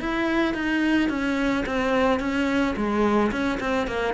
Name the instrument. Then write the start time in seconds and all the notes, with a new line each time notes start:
cello
0.00 E4
0.54 D#4
1.10 C#4
1.66 C4
2.20 C#4
2.76 G#3
3.32 C#4
3.60 C4
3.87 A#3